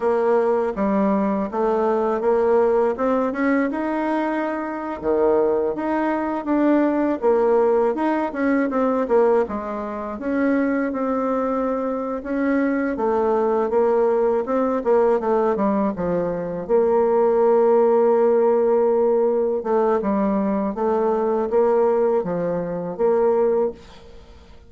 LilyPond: \new Staff \with { instrumentName = "bassoon" } { \time 4/4 \tempo 4 = 81 ais4 g4 a4 ais4 | c'8 cis'8 dis'4.~ dis'16 dis4 dis'16~ | dis'8. d'4 ais4 dis'8 cis'8 c'16~ | c'16 ais8 gis4 cis'4 c'4~ c'16~ |
c'8 cis'4 a4 ais4 c'8 | ais8 a8 g8 f4 ais4.~ | ais2~ ais8 a8 g4 | a4 ais4 f4 ais4 | }